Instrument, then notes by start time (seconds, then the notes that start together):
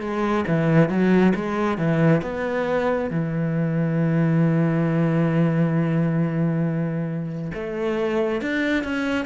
cello
0.00 G#3
0.47 E3
0.89 F#3
1.35 G#3
1.78 E3
2.22 B3
3.10 E3
7.54 A3
8.41 D4
8.84 C#4